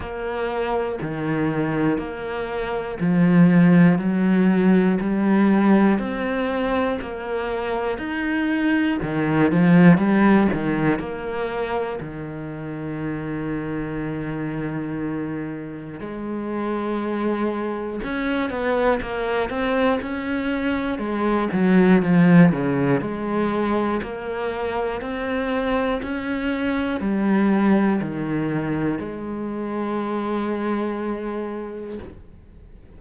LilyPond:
\new Staff \with { instrumentName = "cello" } { \time 4/4 \tempo 4 = 60 ais4 dis4 ais4 f4 | fis4 g4 c'4 ais4 | dis'4 dis8 f8 g8 dis8 ais4 | dis1 |
gis2 cis'8 b8 ais8 c'8 | cis'4 gis8 fis8 f8 cis8 gis4 | ais4 c'4 cis'4 g4 | dis4 gis2. | }